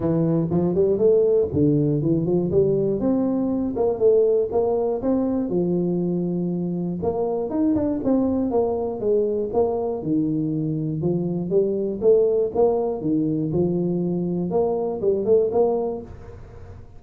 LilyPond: \new Staff \with { instrumentName = "tuba" } { \time 4/4 \tempo 4 = 120 e4 f8 g8 a4 d4 | e8 f8 g4 c'4. ais8 | a4 ais4 c'4 f4~ | f2 ais4 dis'8 d'8 |
c'4 ais4 gis4 ais4 | dis2 f4 g4 | a4 ais4 dis4 f4~ | f4 ais4 g8 a8 ais4 | }